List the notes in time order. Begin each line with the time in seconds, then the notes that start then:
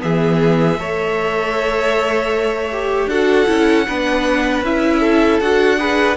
0.00 E3 B3 G#4 E5
0.78 A3 A4 C#5
2.73 G4
3.07 D4 F#4 A4 F#5
3.47 C#4 E4
3.88 B3 D4 B4
4.63 C#4 E4 E5
5.00 A4
5.41 D4 F#4 F#5
5.79 G#4 B4